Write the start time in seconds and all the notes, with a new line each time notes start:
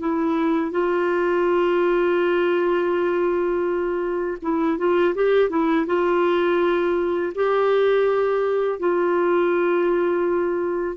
0.00 E4
0.72 F4
4.43 E4
4.78 F4
5.15 G4
5.50 E4
5.87 F4
7.35 G4
8.79 F4